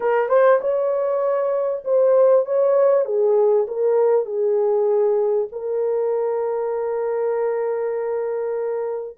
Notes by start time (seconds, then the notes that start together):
0.00 A#4
0.29 C5
0.61 C#5
1.84 C5
2.45 C#5
3.05 G#4
3.67 A#4
4.25 G#4
5.52 A#4